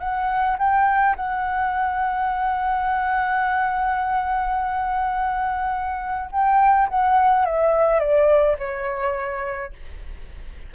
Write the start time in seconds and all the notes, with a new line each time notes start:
0.00 F#5
0.59 G5
1.16 F#5
6.32 G5
6.89 F#5
7.46 E5
8.00 D5
8.59 C#5